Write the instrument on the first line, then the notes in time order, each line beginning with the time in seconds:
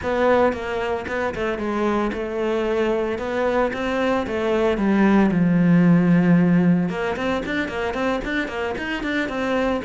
cello
0.02 B3
0.52 A#3
1.07 B3
1.34 A3
1.58 G#3
2.12 A3
3.18 B3
3.73 C4
4.26 A3
4.77 G3
5.31 F3
6.89 A#3
7.16 C4
7.45 D4
7.68 A#3
7.94 C4
8.24 D4
8.48 A#3
8.78 D#4
9.03 D4
9.28 C4